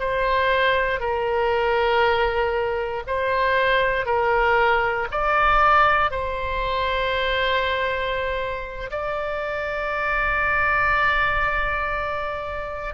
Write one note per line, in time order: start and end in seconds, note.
0.00 1.00 C5
1.00 3.03 A#4
3.07 4.06 C5
4.06 5.08 A#4
5.11 6.11 D5
6.11 8.90 C5
8.91 12.94 D5